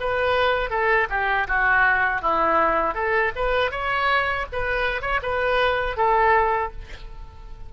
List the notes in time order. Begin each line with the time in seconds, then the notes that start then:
0.00 B4
0.70 A4
1.09 G4
1.47 F#4
2.22 E4
2.94 A4
3.35 B4
3.71 C#5
4.52 B4
5.01 C#5
5.22 B4
5.97 A4